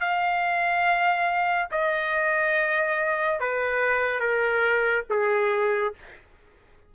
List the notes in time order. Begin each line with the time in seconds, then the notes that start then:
0.00 F5
1.71 D#5
3.40 B4
4.20 A#4
5.10 G#4